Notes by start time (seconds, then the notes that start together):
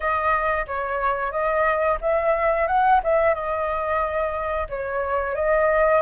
0.00 D#5
0.67 C#5
1.31 D#5
2.01 E5
2.67 F#5
3.03 E5
3.34 D#5
4.68 C#5
5.35 D#5